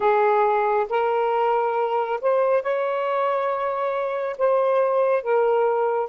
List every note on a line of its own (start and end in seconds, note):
0.00 0.86 G#4
0.89 2.20 A#4
2.21 2.62 C5
2.62 4.36 C#5
4.38 5.22 C5
5.22 6.09 A#4